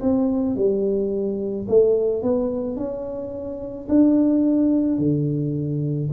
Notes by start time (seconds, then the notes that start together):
0.00 C4
0.56 G3
1.68 A3
2.22 B3
2.77 C#4
3.88 D4
4.98 D3